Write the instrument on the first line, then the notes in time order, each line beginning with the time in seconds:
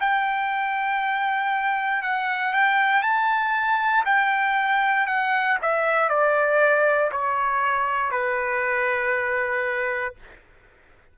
trumpet
0.00 G5
2.02 F#5
2.53 G5
3.02 A5
4.05 G5
5.07 F#5
5.62 E5
6.09 D5
7.11 C#5
8.11 B4